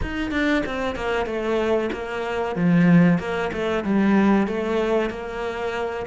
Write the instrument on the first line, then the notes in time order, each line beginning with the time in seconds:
cello
0.01 D#4
0.31 D4
0.66 C4
0.95 A#3
1.26 A3
1.92 A#3
2.55 F3
3.19 A#3
3.52 A3
3.84 G3
4.47 A3
5.10 A#3